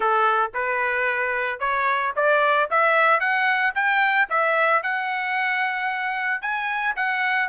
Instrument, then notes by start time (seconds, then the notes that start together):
trumpet
0.00 A4
0.54 B4
1.59 C#5
2.16 D5
2.70 E5
3.20 F#5
3.75 G5
4.29 E5
4.82 F#5
6.41 G#5
6.96 F#5